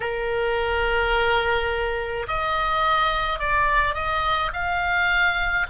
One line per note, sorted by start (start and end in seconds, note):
0.00 2.26 A#4
2.27 3.39 D#5
3.39 3.94 D5
3.94 4.51 D#5
4.53 5.66 F5